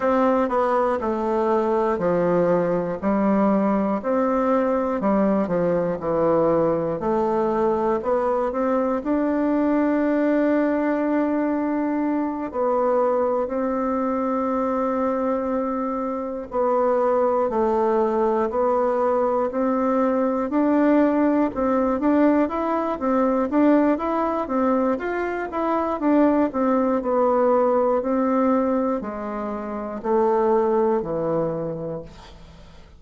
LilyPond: \new Staff \with { instrumentName = "bassoon" } { \time 4/4 \tempo 4 = 60 c'8 b8 a4 f4 g4 | c'4 g8 f8 e4 a4 | b8 c'8 d'2.~ | d'8 b4 c'2~ c'8~ |
c'8 b4 a4 b4 c'8~ | c'8 d'4 c'8 d'8 e'8 c'8 d'8 | e'8 c'8 f'8 e'8 d'8 c'8 b4 | c'4 gis4 a4 e4 | }